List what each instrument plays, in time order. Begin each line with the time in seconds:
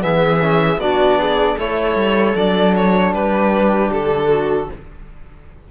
0.00 cello E3, trombone B3, viola G#4, violin E5
0.40 trombone C#4
0.77 cello B3, trombone D4, viola F#4, violin D5
1.19 viola G#4
1.57 cello A3, trombone E4, viola A4, violin C#5
1.95 cello G3
2.36 cello F#3, trombone D4, violin D5
2.76 violin C#5
3.12 cello G3, viola G4, violin B4
3.91 cello D3, violin A4
4.29 viola F#4